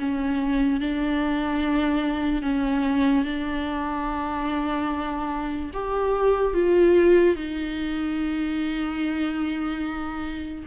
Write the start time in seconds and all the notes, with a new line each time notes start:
0.00 C#4
0.80 D4
2.43 C#4
3.25 D4
5.74 G4
6.54 F4
7.36 D#4